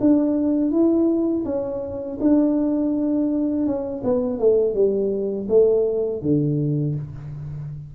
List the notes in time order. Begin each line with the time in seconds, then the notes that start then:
0.00 D4
0.71 E4
1.45 C#4
2.21 D4
3.66 C#4
4.04 B3
4.39 A3
4.74 G3
5.48 A3
6.22 D3